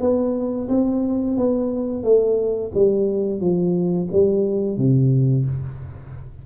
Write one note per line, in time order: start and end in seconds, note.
0.00 0.68 B3
0.69 1.37 C4
1.37 2.03 B3
2.03 2.71 A3
2.74 3.40 G3
3.40 4.08 F3
4.12 4.77 G3
4.77 5.45 C3